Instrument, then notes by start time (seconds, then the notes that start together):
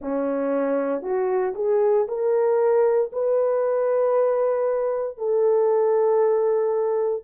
horn
0.01 C#4
1.02 F#4
1.55 G#4
2.07 A#4
3.12 B4
5.17 A4